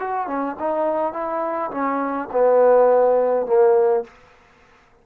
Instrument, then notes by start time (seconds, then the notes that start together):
trombone
0.00 F#4
0.27 C#4
0.60 D#4
1.13 E4
1.71 C#4
2.32 B3
3.46 A#3